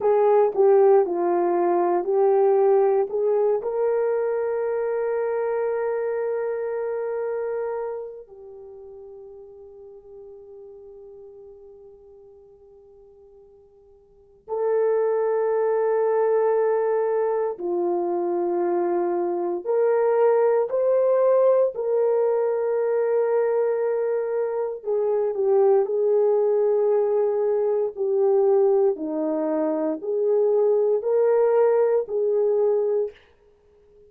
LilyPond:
\new Staff \with { instrumentName = "horn" } { \time 4/4 \tempo 4 = 58 gis'8 g'8 f'4 g'4 gis'8 ais'8~ | ais'1 | g'1~ | g'2 a'2~ |
a'4 f'2 ais'4 | c''4 ais'2. | gis'8 g'8 gis'2 g'4 | dis'4 gis'4 ais'4 gis'4 | }